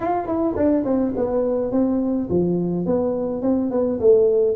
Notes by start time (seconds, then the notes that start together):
0.00 F4
0.26 E4
0.56 D4
0.84 C4
1.16 B3
1.71 C4
2.29 F3
2.85 B3
3.42 C4
3.71 B3
4.00 A3